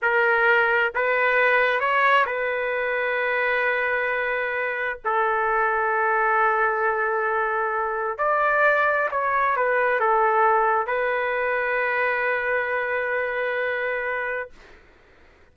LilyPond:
\new Staff \with { instrumentName = "trumpet" } { \time 4/4 \tempo 4 = 132 ais'2 b'2 | cis''4 b'2.~ | b'2. a'4~ | a'1~ |
a'2 d''2 | cis''4 b'4 a'2 | b'1~ | b'1 | }